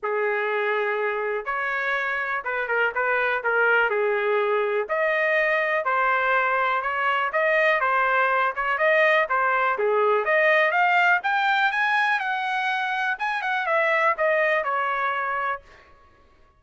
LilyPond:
\new Staff \with { instrumentName = "trumpet" } { \time 4/4 \tempo 4 = 123 gis'2. cis''4~ | cis''4 b'8 ais'8 b'4 ais'4 | gis'2 dis''2 | c''2 cis''4 dis''4 |
c''4. cis''8 dis''4 c''4 | gis'4 dis''4 f''4 g''4 | gis''4 fis''2 gis''8 fis''8 | e''4 dis''4 cis''2 | }